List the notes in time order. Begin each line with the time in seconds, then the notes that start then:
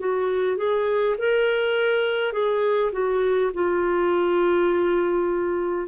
0.00 F#4
0.58 G#4
1.19 A#4
2.33 G#4
2.93 F#4
3.54 F4